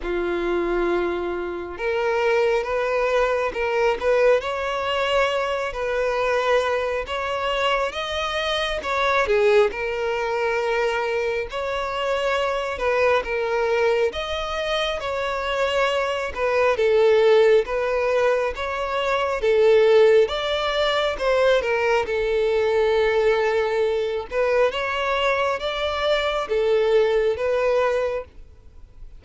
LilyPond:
\new Staff \with { instrumentName = "violin" } { \time 4/4 \tempo 4 = 68 f'2 ais'4 b'4 | ais'8 b'8 cis''4. b'4. | cis''4 dis''4 cis''8 gis'8 ais'4~ | ais'4 cis''4. b'8 ais'4 |
dis''4 cis''4. b'8 a'4 | b'4 cis''4 a'4 d''4 | c''8 ais'8 a'2~ a'8 b'8 | cis''4 d''4 a'4 b'4 | }